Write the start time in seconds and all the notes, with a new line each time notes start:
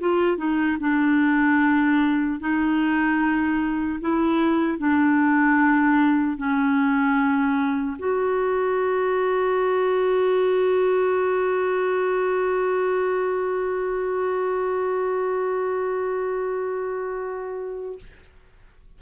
0.00 F4
0.37 D#4
0.80 D4
2.40 D#4
4.00 E4
4.78 D4
6.37 C#4
7.99 F#4